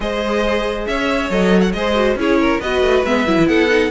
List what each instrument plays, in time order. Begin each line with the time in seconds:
0.00 cello G#3, viola G#4, violin C5 D#5
0.86 cello C#4, violin C#5 E5
1.29 cello F#3, viola A4, violin D#5
1.60 violin F#5
1.73 cello G#3, viola G#4, violin C5 D#5
1.95 viola F#4
2.15 cello C#4, viola E4, violin G#4 C#5
2.40 violin A#4
2.60 cello B3, viola F#4, violin B4 D#5
2.81 cello A3
3.03 cello G#3, viola B3, violin E5
3.26 cello F#3, viola E4
3.37 cello E3
3.46 cello B3, violin A4 F#5
3.68 viola D#4